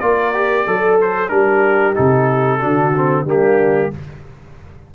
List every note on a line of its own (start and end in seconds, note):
0.00 0.67 A#3
0.00 0.35 F4
0.00 0.66 A#4
0.00 0.98 D5
0.35 0.67 G4
0.66 1.31 F#3
0.66 1.32 A4
0.66 1.29 A4
1.02 1.29 C5
1.29 1.96 G3
1.29 1.95 D4
1.29 2.60 G4
1.29 1.94 A#4
1.95 2.64 C3
1.95 2.60 D#4
1.95 3.27 A4
2.60 3.25 D3
2.60 2.93 D4
2.60 3.25 F#4
2.97 3.26 C4
3.25 3.90 G3
3.25 3.92 A#3
3.25 3.92 D4
3.25 3.95 G4